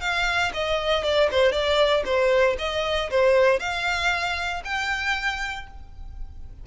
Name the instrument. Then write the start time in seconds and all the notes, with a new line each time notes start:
violin
0.00 F5
0.53 D#5
1.03 D5
1.31 C5
1.52 D5
2.05 C5
2.58 D#5
3.10 C5
3.59 F5
4.64 G5